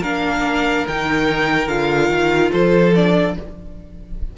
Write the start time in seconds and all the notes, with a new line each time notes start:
0.00 A#3 D4 A#4 F5
0.88 D#3 D#4 G5
1.68 D3 F4 F5
2.09 D#3
2.52 F3 A4 C5
2.96 D4 D5